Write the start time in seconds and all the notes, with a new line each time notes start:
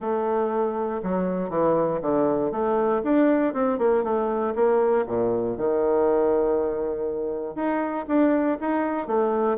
0.00 A3
1.02 F#3
1.49 E3
2.01 D3
2.51 A3
3.03 D4
3.53 C4
3.78 A#3
4.03 A3
4.55 A#3
5.06 A#2
5.57 D#3
7.55 D#4
8.07 D4
8.60 D#4
9.07 A3